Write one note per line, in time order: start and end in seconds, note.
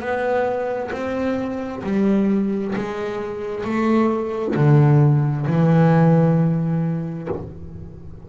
0.00 0.91 B3
0.92 1.83 C4
1.83 2.74 G3
2.75 3.64 G#3
3.64 4.55 A3
4.56 5.47 D3
5.47 7.29 E3